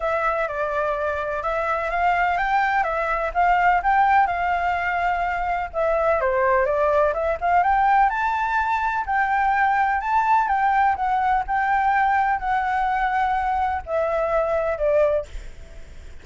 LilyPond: \new Staff \with { instrumentName = "flute" } { \time 4/4 \tempo 4 = 126 e''4 d''2 e''4 | f''4 g''4 e''4 f''4 | g''4 f''2. | e''4 c''4 d''4 e''8 f''8 |
g''4 a''2 g''4~ | g''4 a''4 g''4 fis''4 | g''2 fis''2~ | fis''4 e''2 d''4 | }